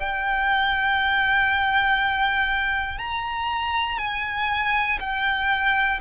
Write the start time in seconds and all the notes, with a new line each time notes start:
0.00 G5
2.99 A#5
3.99 G#5
5.01 G5